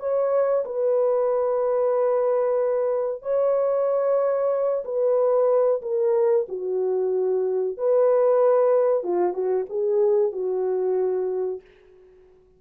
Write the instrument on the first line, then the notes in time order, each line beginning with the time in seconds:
horn
0.00 C#5
0.65 B4
3.23 C#5
4.85 B4
5.82 A#4
6.49 F#4
7.77 B4
9.04 F4
9.34 F#4
9.69 G#4
10.32 F#4